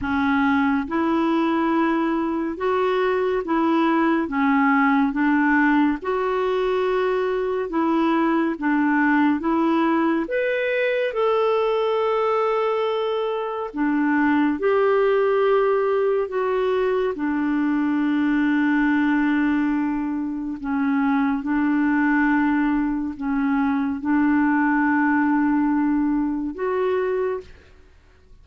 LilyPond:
\new Staff \with { instrumentName = "clarinet" } { \time 4/4 \tempo 4 = 70 cis'4 e'2 fis'4 | e'4 cis'4 d'4 fis'4~ | fis'4 e'4 d'4 e'4 | b'4 a'2. |
d'4 g'2 fis'4 | d'1 | cis'4 d'2 cis'4 | d'2. fis'4 | }